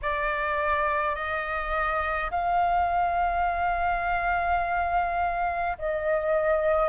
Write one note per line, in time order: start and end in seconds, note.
0.02 1.15 D5
1.15 2.30 D#5
2.31 5.77 F5
5.78 6.89 D#5